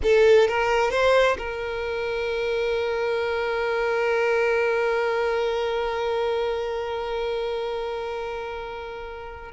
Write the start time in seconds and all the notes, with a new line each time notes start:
0.02 A4
0.48 A#4
0.90 C5
1.37 A#4